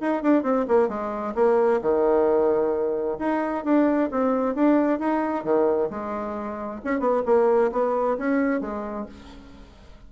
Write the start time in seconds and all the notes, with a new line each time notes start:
0.00 D#4
0.22 D4
0.43 C4
0.68 A#3
0.88 G#3
1.35 A#3
1.81 D#3
3.19 D#4
3.64 D4
4.11 C4
4.55 D4
4.99 D#4
5.44 D#3
5.89 G#3
6.84 C#4
6.99 B3
7.25 A#3
7.72 B3
8.17 C#4
8.61 G#3